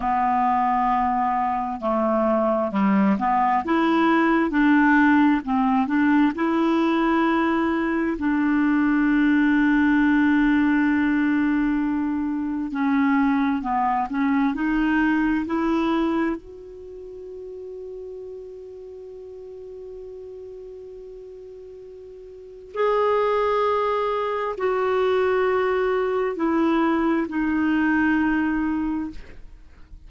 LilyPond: \new Staff \with { instrumentName = "clarinet" } { \time 4/4 \tempo 4 = 66 b2 a4 g8 b8 | e'4 d'4 c'8 d'8 e'4~ | e'4 d'2.~ | d'2 cis'4 b8 cis'8 |
dis'4 e'4 fis'2~ | fis'1~ | fis'4 gis'2 fis'4~ | fis'4 e'4 dis'2 | }